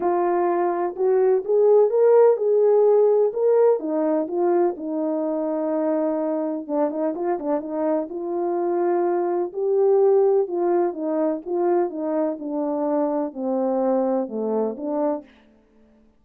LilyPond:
\new Staff \with { instrumentName = "horn" } { \time 4/4 \tempo 4 = 126 f'2 fis'4 gis'4 | ais'4 gis'2 ais'4 | dis'4 f'4 dis'2~ | dis'2 d'8 dis'8 f'8 d'8 |
dis'4 f'2. | g'2 f'4 dis'4 | f'4 dis'4 d'2 | c'2 a4 d'4 | }